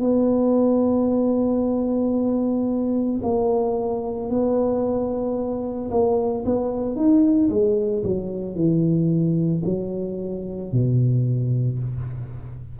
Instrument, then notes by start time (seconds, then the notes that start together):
tuba
0.00 B3
3.23 A#3
4.30 B3
5.91 A#3
6.45 B3
6.96 D#4
7.50 G#3
8.04 F#3
8.55 E3
9.65 F#3
10.72 B2